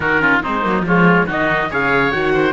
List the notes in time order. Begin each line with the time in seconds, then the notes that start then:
0.00 D#3 D#4 F#4 A#4
0.19 C#4 F4
0.41 G#3 C4 D#4 C5
0.62 F#3 A#3
0.82 F3 G#3 F4 C#5
1.26 D#3 D#4 F#4 D#5
1.70 C#3 G#4 C#5 F5
2.11 D#3 F#4 F#5
2.33 C5